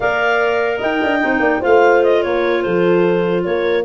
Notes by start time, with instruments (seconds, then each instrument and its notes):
0.00 tuba A#3, clarinet A#4 F5, horn D5
0.78 tuba D#4, horn D#5, clarinet G5
1.03 tuba D4
1.20 tuba C4, clarinet D#4
1.39 tuba A#3, horn D5
1.60 tuba A3, clarinet F4 F5, horn C5
2.03 clarinet D#5
2.22 tuba A#3, horn A#4, clarinet C#5
2.62 tuba F3, horn A4, clarinet C5
3.43 tuba A#3, horn A#4, clarinet C#5